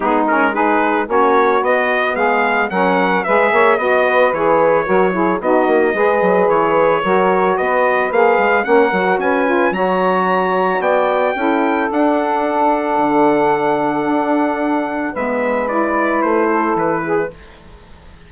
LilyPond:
<<
  \new Staff \with { instrumentName = "trumpet" } { \time 4/4 \tempo 4 = 111 gis'8 ais'8 b'4 cis''4 dis''4 | f''4 fis''4 e''4 dis''4 | cis''2 dis''2 | cis''2 dis''4 f''4 |
fis''4 gis''4 ais''2 | g''2 fis''2~ | fis''1 | e''4 d''4 c''4 b'4 | }
  \new Staff \with { instrumentName = "saxophone" } { \time 4/4 dis'4 gis'4 fis'2 | gis'4 ais'4 b'8 cis''8 dis''8 b'8~ | b'4 ais'8 gis'8 fis'4 b'4~ | b'4 ais'4 b'2 |
ais'4 b'4 cis''2 | d''4 a'2.~ | a'1 | b'2~ b'8 a'4 gis'8 | }
  \new Staff \with { instrumentName = "saxophone" } { \time 4/4 b8 cis'8 dis'4 cis'4 b4~ | b4 cis'4 gis'4 fis'4 | gis'4 fis'8 e'8 dis'4 gis'4~ | gis'4 fis'2 gis'4 |
cis'8 fis'4 f'8 fis'2~ | fis'4 e'4 d'2~ | d'1 | b4 e'2. | }
  \new Staff \with { instrumentName = "bassoon" } { \time 4/4 gis2 ais4 b4 | gis4 fis4 gis8 ais8 b4 | e4 fis4 b8 ais8 gis8 fis8 | e4 fis4 b4 ais8 gis8 |
ais8 fis8 cis'4 fis2 | b4 cis'4 d'2 | d2 d'2 | gis2 a4 e4 | }
>>